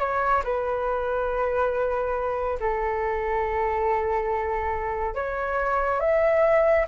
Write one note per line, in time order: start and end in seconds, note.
0.00 0.43 C#5
0.44 2.59 B4
2.61 5.15 A4
5.15 6.01 C#5
6.01 6.86 E5